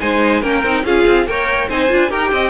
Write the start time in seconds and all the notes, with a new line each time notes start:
0.00 G#3 D#4 C5 G#5
0.42 A#3 C#4 A#4 G5
0.63 C4 D#4
0.84 C#4 F4 G#4 F5
1.07 C4
1.27 A#3 A#4 C#5 G5
1.69 C4 D#4 C5 G#5
1.89 D4 F4
2.09 D#4 G4 A#4 G5
2.32 C4 D#5